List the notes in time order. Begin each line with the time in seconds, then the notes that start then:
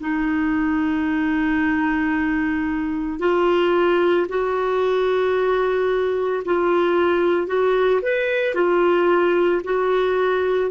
0.00 D#4
3.19 F4
4.29 F#4
6.45 F4
7.47 F#4
8.02 B4
8.55 F4
9.64 F#4